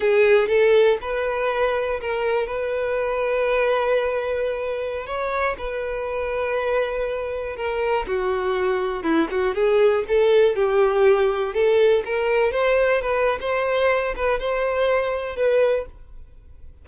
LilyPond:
\new Staff \with { instrumentName = "violin" } { \time 4/4 \tempo 4 = 121 gis'4 a'4 b'2 | ais'4 b'2.~ | b'2~ b'16 cis''4 b'8.~ | b'2.~ b'16 ais'8.~ |
ais'16 fis'2 e'8 fis'8 gis'8.~ | gis'16 a'4 g'2 a'8.~ | a'16 ais'4 c''4 b'8. c''4~ | c''8 b'8 c''2 b'4 | }